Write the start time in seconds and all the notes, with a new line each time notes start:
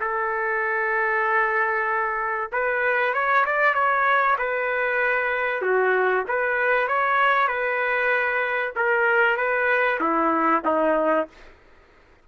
0.00 A4
2.52 B4
3.13 C#5
3.45 D5
3.74 C#5
4.38 B4
5.61 F#4
6.27 B4
6.88 C#5
7.47 B4
8.75 A#4
9.37 B4
10.00 E4
10.65 D#4